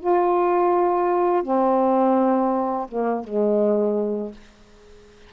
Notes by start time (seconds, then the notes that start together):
0.00 F4
1.43 C4
2.88 A#3
3.24 G#3